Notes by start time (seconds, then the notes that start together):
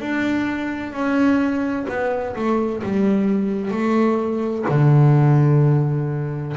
0.00 D4
0.92 C#4
1.89 B3
2.36 A3
2.83 G3
3.71 A3
4.68 D3